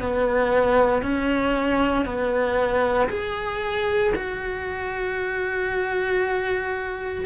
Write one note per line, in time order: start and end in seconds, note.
0.00 1.02 B3
1.02 2.05 C#4
2.05 3.08 B3
3.09 4.13 G#4
4.15 7.25 F#4